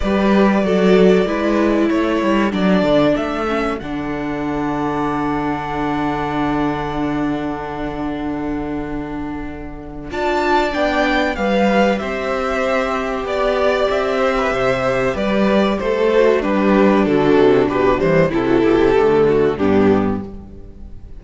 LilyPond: <<
  \new Staff \with { instrumentName = "violin" } { \time 4/4 \tempo 4 = 95 d''2. cis''4 | d''4 e''4 fis''2~ | fis''1~ | fis''1 |
a''4 g''4 f''4 e''4~ | e''4 d''4 e''2 | d''4 c''4 b'4 a'4 | b'8 c''8 a'2 g'4 | }
  \new Staff \with { instrumentName = "violin" } { \time 4/4 b'4 a'4 b'4 a'4~ | a'1~ | a'1~ | a'1 |
d''2 b'4 c''4~ | c''4 d''4. c''16 b'16 c''4 | b'4 a'4 d'2~ | d'4 e'16 fis'16 g'4 fis'8 d'4 | }
  \new Staff \with { instrumentName = "viola" } { \time 4/4 g'4 fis'4 e'2 | d'4. cis'8 d'2~ | d'1~ | d'1 |
f'4 d'4 g'2~ | g'1~ | g'4. fis'8 g'4 fis'4 | g'8 g8 e'4 a4 b4 | }
  \new Staff \with { instrumentName = "cello" } { \time 4/4 g4 fis4 gis4 a8 g8 | fis8 d8 a4 d2~ | d1~ | d1 |
d'4 b4 g4 c'4~ | c'4 b4 c'4 c4 | g4 a4 g4 d8 c8 | b,8 e8 c8 b,16 c16 d4 g,4 | }
>>